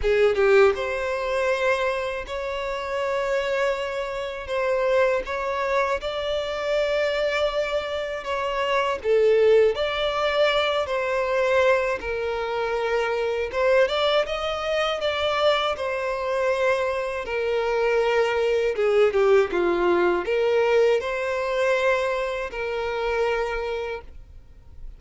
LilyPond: \new Staff \with { instrumentName = "violin" } { \time 4/4 \tempo 4 = 80 gis'8 g'8 c''2 cis''4~ | cis''2 c''4 cis''4 | d''2. cis''4 | a'4 d''4. c''4. |
ais'2 c''8 d''8 dis''4 | d''4 c''2 ais'4~ | ais'4 gis'8 g'8 f'4 ais'4 | c''2 ais'2 | }